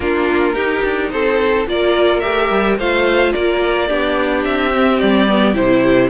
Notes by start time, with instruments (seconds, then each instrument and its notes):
0.00 cello A#3, viola D4, violin F4 A#4
0.54 cello D#4, viola D#4, violin G4
0.84 cello D4
1.11 cello C4, violin A4 C5
1.66 cello A#3, viola F4, violin A#4 D5
2.20 cello A3, viola G4, violin E5
2.50 cello G3
2.77 cello A3, viola F4, violin C5 F5
3.32 cello A#3, violin A#4 D5
3.88 cello B3, viola D4, violin G4
4.44 cello C4, violin E5
4.73 viola C4
4.99 cello G3, violin D5
5.28 viola B3
5.53 cello C3, viola E4, violin C5